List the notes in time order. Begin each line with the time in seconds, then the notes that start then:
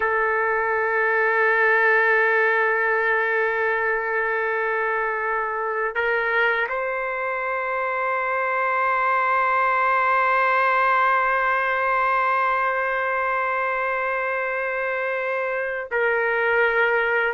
0.00 A4
5.95 A#4
6.68 C5
15.91 A#4